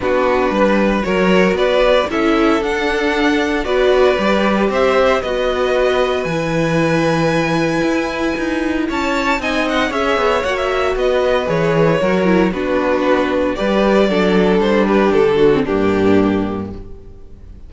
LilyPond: <<
  \new Staff \with { instrumentName = "violin" } { \time 4/4 \tempo 4 = 115 b'2 cis''4 d''4 | e''4 fis''2 d''4~ | d''4 e''4 dis''2 | gis''1~ |
gis''4 a''4 gis''8 fis''8 e''4 | fis''16 e''8. dis''4 cis''2 | b'2 d''2 | c''8 b'8 a'4 g'2 | }
  \new Staff \with { instrumentName = "violin" } { \time 4/4 fis'4 b'4 ais'4 b'4 | a'2. b'4~ | b'4 c''4 b'2~ | b'1~ |
b'4 cis''4 dis''4 cis''4~ | cis''4 b'2 ais'4 | fis'2 b'4 a'4~ | a'8 g'4 fis'8 d'2 | }
  \new Staff \with { instrumentName = "viola" } { \time 4/4 d'2 fis'2 | e'4 d'2 fis'4 | g'2 fis'2 | e'1~ |
e'2 dis'4 gis'4 | fis'2 gis'4 fis'8 e'8 | d'2 g'4 d'4~ | d'4.~ d'16 c'16 ais2 | }
  \new Staff \with { instrumentName = "cello" } { \time 4/4 b4 g4 fis4 b4 | cis'4 d'2 b4 | g4 c'4 b2 | e2. e'4 |
dis'4 cis'4 c'4 cis'8 b8 | ais4 b4 e4 fis4 | b2 g4 fis4 | g4 d4 g,2 | }
>>